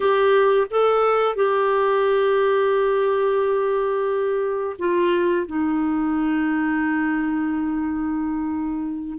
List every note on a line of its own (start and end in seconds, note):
0.00 0.67 G4
0.70 1.35 A4
1.35 4.76 G4
4.79 5.46 F4
5.46 9.18 D#4